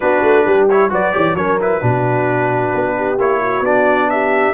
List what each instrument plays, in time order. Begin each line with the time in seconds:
0.00 tuba B3, trombone D4, horn F#4, trumpet B4
0.22 tuba A3
0.44 tuba G3, horn G4
0.69 trombone E4, trumpet C#5
0.89 tuba F#3, trombone F#4, horn B4, trumpet D5
1.12 tuba E3, trombone G4, horn C#5
1.34 tuba F#3, trombone C#4, horn A#4, trumpet C#5
1.60 trombone E4, trumpet B4
1.81 tuba B2, trombone D4, horn F#4
2.74 tuba B3
2.96 horn G4
3.18 tuba A#3, trombone E4, trumpet C#5
3.40 horn F#4
3.60 tuba B3, trombone D4, trumpet D5
4.10 horn G4, trumpet E5